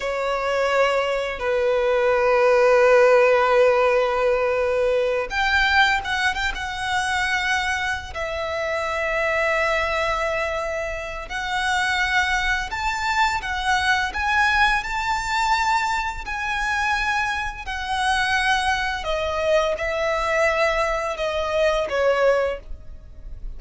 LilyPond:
\new Staff \with { instrumentName = "violin" } { \time 4/4 \tempo 4 = 85 cis''2 b'2~ | b'2.~ b'8 g''8~ | g''8 fis''8 g''16 fis''2~ fis''16 e''8~ | e''1 |
fis''2 a''4 fis''4 | gis''4 a''2 gis''4~ | gis''4 fis''2 dis''4 | e''2 dis''4 cis''4 | }